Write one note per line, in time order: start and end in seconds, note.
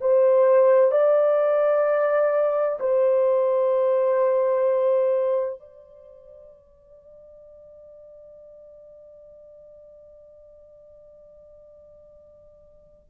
0.00 0.91 C5
0.91 2.79 D5
2.80 5.60 C5
5.60 13.10 D5